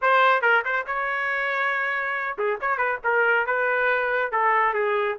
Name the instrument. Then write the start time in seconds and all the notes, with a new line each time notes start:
trumpet
0.01 C5
0.41 A#4
0.64 C5
0.86 C#5
2.38 G#4
2.60 C#5
2.77 B4
3.04 A#4
3.46 B4
4.31 A4
4.73 G#4